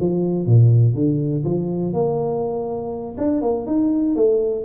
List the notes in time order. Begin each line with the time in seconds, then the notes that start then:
0.00 F3
0.46 A#2
0.94 D3
1.44 F3
1.93 A#3
3.18 D4
3.42 A#3
3.66 D#4
4.15 A3